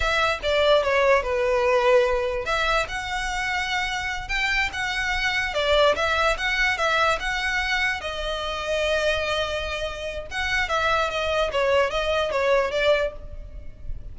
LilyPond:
\new Staff \with { instrumentName = "violin" } { \time 4/4 \tempo 4 = 146 e''4 d''4 cis''4 b'4~ | b'2 e''4 fis''4~ | fis''2~ fis''8 g''4 fis''8~ | fis''4. d''4 e''4 fis''8~ |
fis''8 e''4 fis''2 dis''8~ | dis''1~ | dis''4 fis''4 e''4 dis''4 | cis''4 dis''4 cis''4 d''4 | }